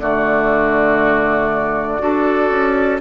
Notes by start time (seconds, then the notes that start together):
0.00 D3 A3 F#4 D5
1.99 D4 F#4 A4
2.51 C#4